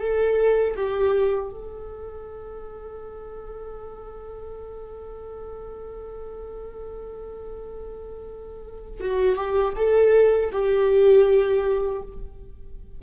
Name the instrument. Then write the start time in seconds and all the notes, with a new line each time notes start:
viola
0.00 A4
0.76 G4
1.51 A4
9.01 F#4
9.36 G4
9.76 A4
10.52 G4